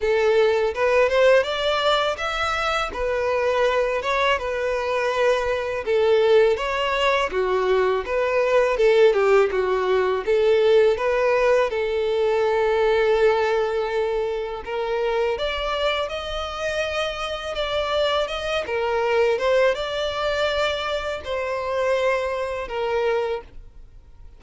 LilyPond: \new Staff \with { instrumentName = "violin" } { \time 4/4 \tempo 4 = 82 a'4 b'8 c''8 d''4 e''4 | b'4. cis''8 b'2 | a'4 cis''4 fis'4 b'4 | a'8 g'8 fis'4 a'4 b'4 |
a'1 | ais'4 d''4 dis''2 | d''4 dis''8 ais'4 c''8 d''4~ | d''4 c''2 ais'4 | }